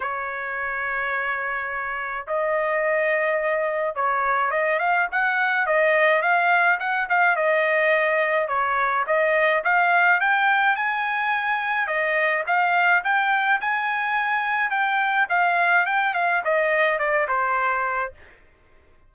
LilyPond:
\new Staff \with { instrumentName = "trumpet" } { \time 4/4 \tempo 4 = 106 cis''1 | dis''2. cis''4 | dis''8 f''8 fis''4 dis''4 f''4 | fis''8 f''8 dis''2 cis''4 |
dis''4 f''4 g''4 gis''4~ | gis''4 dis''4 f''4 g''4 | gis''2 g''4 f''4 | g''8 f''8 dis''4 d''8 c''4. | }